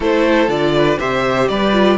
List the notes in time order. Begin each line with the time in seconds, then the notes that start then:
0.00 A3 E4 A4 C5
0.47 D3 F4 D5
0.76 B4
0.98 C3 G4 C5 E5
1.48 G3 B4 D5
1.72 F4